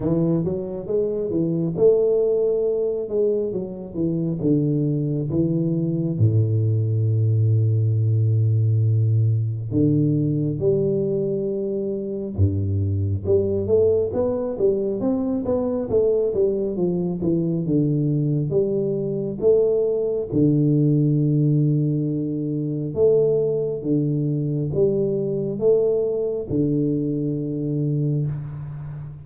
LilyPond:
\new Staff \with { instrumentName = "tuba" } { \time 4/4 \tempo 4 = 68 e8 fis8 gis8 e8 a4. gis8 | fis8 e8 d4 e4 a,4~ | a,2. d4 | g2 g,4 g8 a8 |
b8 g8 c'8 b8 a8 g8 f8 e8 | d4 g4 a4 d4~ | d2 a4 d4 | g4 a4 d2 | }